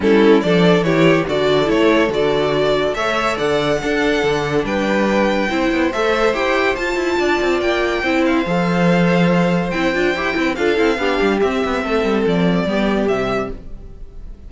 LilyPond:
<<
  \new Staff \with { instrumentName = "violin" } { \time 4/4 \tempo 4 = 142 a'4 d''4 cis''4 d''4 | cis''4 d''2 e''4 | fis''2. g''4~ | g''2 e''4 g''4 |
a''2 g''4. f''8~ | f''2. g''4~ | g''4 f''2 e''4~ | e''4 d''2 e''4 | }
  \new Staff \with { instrumentName = "violin" } { \time 4/4 e'4 a'4 g'4 a'4~ | a'2. cis''4 | d''4 a'2 b'4~ | b'4 c''2.~ |
c''4 d''2 c''4~ | c''1~ | c''8 b'8 a'4 g'2 | a'2 g'2 | }
  \new Staff \with { instrumentName = "viola" } { \time 4/4 cis'4 d'4 e'4 fis'4 | e'4 fis'2 a'4~ | a'4 d'2.~ | d'4 e'4 a'4 g'4 |
f'2. e'4 | a'2. e'8 f'8 | g'8 e'8 f'8 e'8 d'4 c'4~ | c'2 b4 g4 | }
  \new Staff \with { instrumentName = "cello" } { \time 4/4 g4 f4 e4 d4 | a4 d2 a4 | d4 d'4 d4 g4~ | g4 c'8 b8 a4 e'4 |
f'8 e'8 d'8 c'8 ais4 c'4 | f2. c'8 d'8 | e'8 c'8 d'8 c'8 b8 g8 c'8 b8 | a8 g8 f4 g4 c4 | }
>>